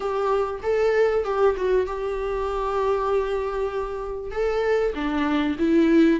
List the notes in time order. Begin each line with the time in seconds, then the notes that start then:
0.00 G4
0.62 A4
1.24 G4
1.56 F#4
1.86 G4
4.31 A4
4.94 D4
5.58 E4